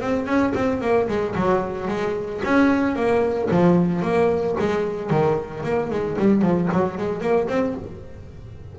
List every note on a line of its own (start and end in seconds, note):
0.00 0.26 C4
0.26 0.53 C#4
0.54 0.81 C4
0.81 1.07 A#3
1.08 1.35 G#3
1.35 1.87 F#3
1.87 2.41 G#3
2.44 2.95 C#4
2.95 3.49 A#3
3.50 4.02 F3
4.02 4.55 A#3
4.59 5.10 G#3
5.10 5.63 D#3
5.63 5.90 A#3
5.90 6.17 G#3
6.18 6.42 G3
6.42 6.68 F3
6.72 6.97 F#3
6.97 7.21 G#3
7.21 7.48 A#3
7.48 7.75 C4